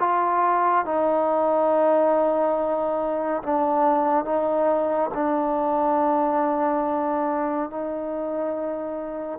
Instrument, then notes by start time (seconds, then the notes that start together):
trombone
0.00 F4
0.86 D#4
3.43 D4
4.25 D#4
5.14 D4
7.71 D#4